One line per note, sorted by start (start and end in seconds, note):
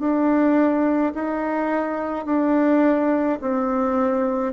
0.00 1.13 D4
1.15 2.25 D#4
2.25 3.39 D4
3.42 4.53 C4